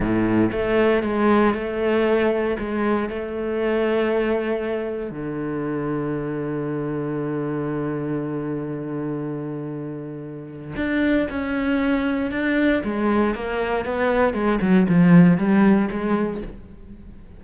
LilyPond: \new Staff \with { instrumentName = "cello" } { \time 4/4 \tempo 4 = 117 a,4 a4 gis4 a4~ | a4 gis4 a2~ | a2 d2~ | d1~ |
d1~ | d4 d'4 cis'2 | d'4 gis4 ais4 b4 | gis8 fis8 f4 g4 gis4 | }